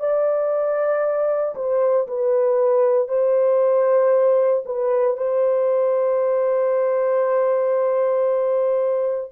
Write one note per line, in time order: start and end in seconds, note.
0.00 1.55 D5
1.56 2.07 C5
2.08 3.09 B4
3.09 4.64 C5
4.66 5.17 B4
5.18 9.32 C5